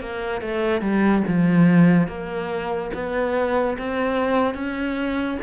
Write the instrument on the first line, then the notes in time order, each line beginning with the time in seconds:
cello
0.00 A#3
0.41 A3
0.81 G3
1.27 F3
2.07 A#3
2.94 B3
3.78 C4
4.54 C#4